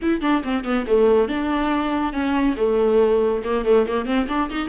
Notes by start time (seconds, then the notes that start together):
0.02 E4
0.21 D4
0.43 C4
0.64 B3
0.86 A3
1.28 D4
2.13 C#4
2.57 A3
3.44 A#3
3.65 A3
3.87 A#3
4.05 C4
4.28 D4
4.50 D#4